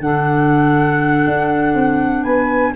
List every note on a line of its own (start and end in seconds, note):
0.00 1.25 D3
0.00 2.76 D4
0.00 2.22 A4
0.00 2.23 F#5
1.27 1.74 D4
1.74 2.24 C4
2.22 2.74 B3
2.22 2.72 B4
2.22 2.73 G#5